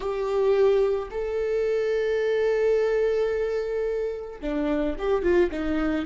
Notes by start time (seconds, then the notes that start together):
0.00 G4
1.10 A4
4.41 D4
4.98 G4
5.22 F4
5.51 D#4